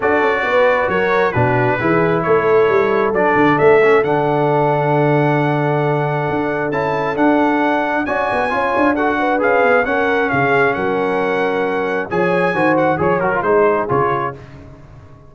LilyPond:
<<
  \new Staff \with { instrumentName = "trumpet" } { \time 4/4 \tempo 4 = 134 d''2 cis''4 b'4~ | b'4 cis''2 d''4 | e''4 fis''2.~ | fis''2. a''4 |
fis''2 gis''2 | fis''4 f''4 fis''4 f''4 | fis''2. gis''4~ | gis''8 fis''8 cis''8 ais'8 c''4 cis''4 | }
  \new Staff \with { instrumentName = "horn" } { \time 4/4 a'4 b'4 ais'4 fis'4 | gis'4 a'2.~ | a'1~ | a'1~ |
a'2 d''4 cis''4 | a'8 b'4. ais'4 gis'4 | ais'2. cis''4 | c''4 cis''4 gis'2 | }
  \new Staff \with { instrumentName = "trombone" } { \time 4/4 fis'2. d'4 | e'2. d'4~ | d'8 cis'8 d'2.~ | d'2. e'4 |
d'2 fis'4 f'4 | fis'4 gis'4 cis'2~ | cis'2. gis'4 | fis'4 gis'8 fis'16 f'16 dis'4 f'4 | }
  \new Staff \with { instrumentName = "tuba" } { \time 4/4 d'8 cis'8 b4 fis4 b,4 | e4 a4 g4 fis8 d8 | a4 d2.~ | d2 d'4 cis'4 |
d'2 cis'8 b8 cis'8 d'8~ | d'4 cis'8 b8 cis'4 cis4 | fis2. f4 | dis4 f8 fis8 gis4 cis4 | }
>>